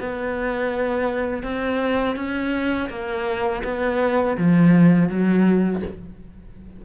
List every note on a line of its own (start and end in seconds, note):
0.00 1.43 B3
1.43 2.16 C4
2.16 2.89 C#4
2.89 3.63 A#3
3.64 4.37 B3
4.38 5.09 F3
5.09 5.82 F#3